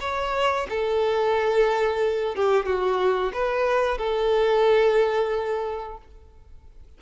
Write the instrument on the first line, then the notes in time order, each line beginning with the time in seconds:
violin
0.00 C#5
0.69 A4
2.35 G4
2.65 F#4
3.33 B4
3.97 A4